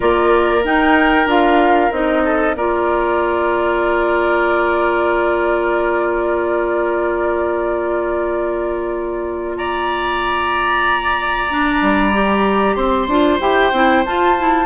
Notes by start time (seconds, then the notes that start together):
0.00 A#3 F4 A#4 D5
0.63 D#4 G5
1.26 D4 F4 F5
1.91 C4 D#4 D#5
2.24 A4
2.54 A#3 F4 A#4 D5
9.57 D5 A#5
11.50 D4
11.81 G3
12.13 G4
12.75 C4 C5 C6
13.07 D4 F4
13.40 E4 G4 G5
13.72 C4 E4
14.05 F4 A5
14.38 E4